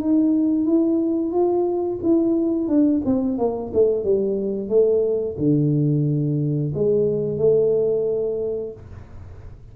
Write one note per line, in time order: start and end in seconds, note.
0.00 0.65 D#4
0.65 1.32 E4
1.32 1.99 F4
2.03 2.68 E4
2.68 3.02 D4
3.05 3.38 C4
3.38 3.71 A#3
3.73 4.04 A3
4.04 4.69 G3
4.69 5.36 A3
5.38 6.73 D3
6.74 7.38 G#3
7.38 8.72 A3